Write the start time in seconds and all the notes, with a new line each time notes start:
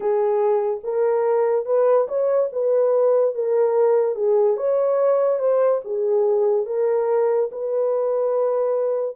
0.00 G#4
0.83 A#4
1.65 B4
2.08 C#5
2.52 B4
3.34 A#4
4.15 G#4
4.56 C#5
5.39 C5
5.84 G#4
6.66 A#4
7.52 B4